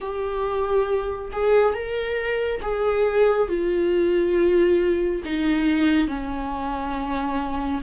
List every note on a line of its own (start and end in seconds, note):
0.00 1.31 G4
1.32 1.74 G#4
1.74 2.60 A#4
2.62 3.48 G#4
3.48 5.22 F4
5.25 6.07 D#4
6.07 7.81 C#4